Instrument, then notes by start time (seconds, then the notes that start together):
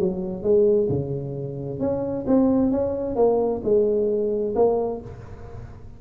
tuba
0.00 F#3
0.43 G#3
0.89 C#3
1.80 C#4
2.27 C4
2.72 C#4
3.16 A#3
3.64 G#3
4.56 A#3